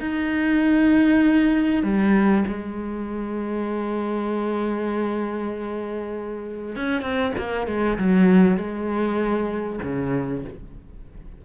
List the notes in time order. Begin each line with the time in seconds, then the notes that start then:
0.00 D#4
1.83 G3
2.47 G#3
6.76 C#4
7.02 C4
7.37 A#3
7.67 G#3
7.98 F#3
8.57 G#3
9.83 C#3